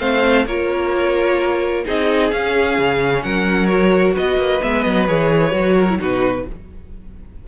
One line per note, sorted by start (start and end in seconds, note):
0.00 0.46 A3
0.00 0.46 C4
0.00 0.47 C5
0.00 0.46 F5
0.46 1.85 A#3
0.46 1.86 F4
0.46 1.85 A#4
0.46 1.85 C#5
1.85 2.32 C4
1.85 2.32 D#4
1.85 3.23 G#4
1.85 2.31 D#5
2.31 3.69 C#4
2.31 2.78 C#4
2.31 3.23 F5
2.79 3.24 C#3
3.23 4.16 F#3
3.23 4.15 A#4
3.23 3.67 F#5
3.67 4.62 F#4
3.67 4.13 C#5
4.15 4.37 B3
4.15 5.76 B4
4.15 4.63 D#5
4.37 4.60 A#3
4.62 4.87 G#3
4.62 5.08 B3
4.62 4.83 E5
4.83 5.10 F#3
4.83 5.06 D#5
5.08 5.53 E3
5.08 5.51 G#4
5.08 6.00 C#5
5.51 5.99 F#3
5.51 5.86 F#4
5.76 5.99 A#4
5.90 5.99 E4
5.99 6.47 B2
5.99 6.45 D#4
5.99 6.47 F#4
5.99 6.48 B4